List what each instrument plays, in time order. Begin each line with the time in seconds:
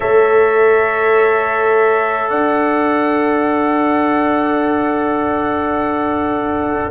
0.00 tuba A3, trombone A4, horn C#5, trumpet E5
2.29 tuba D4, horn D5, trumpet F#5